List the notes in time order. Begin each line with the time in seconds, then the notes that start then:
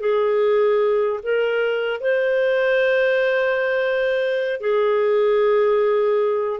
0.00 G#4
1.23 A#4
2.00 C5
4.60 G#4